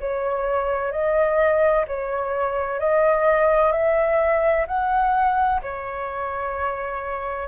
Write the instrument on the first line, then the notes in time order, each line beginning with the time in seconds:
flute
0.00 C#5
0.92 D#5
1.87 C#5
2.80 D#5
3.72 E5
4.67 F#5
5.62 C#5